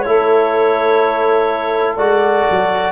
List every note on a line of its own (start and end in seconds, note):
0.00 1.97 A3
0.00 1.98 E4
0.00 2.92 A4
0.00 1.94 C#5
1.96 2.46 G#3
1.96 2.92 F#4
1.96 2.92 D5
2.50 2.92 F#3